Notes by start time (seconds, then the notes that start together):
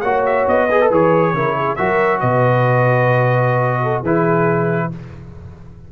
0.00 A#3 F#4 C#5 F#5
0.25 E5
0.47 B3 D#5
0.69 G#4 B4
0.81 A4
0.90 E3 G#4 C#5
1.33 C#3 E4 A#4
1.55 G#4
1.75 F#3 F#4 A#4 E5
2.20 B2 B4 D#5
3.82 A4
4.01 E3 E4 G#4 B4